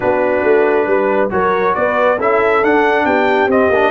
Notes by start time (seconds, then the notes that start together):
0.00 B3 D4 F#4 B4
0.43 A3
0.86 G3 B4
1.29 F#3 F#4 A#4 C#5
1.74 B3 B4 D5
2.17 C#4 E4 A4 E5
2.62 D4 F#5
3.04 B3 G4 G5
3.47 C4 D#5
3.69 A#3 D4